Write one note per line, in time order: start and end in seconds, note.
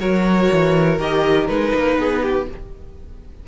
0.00 0.50 F#3
0.00 0.99 F#4
0.00 1.98 A#4
0.00 0.99 C#5
0.52 0.99 E3
0.99 1.48 D#3
0.99 1.48 G4
0.99 1.48 D#5
1.48 1.74 G#3
1.48 2.47 D#4
1.48 2.47 B4
1.75 1.98 A#3
1.98 2.47 B3
1.98 2.22 G#4
2.22 2.47 G4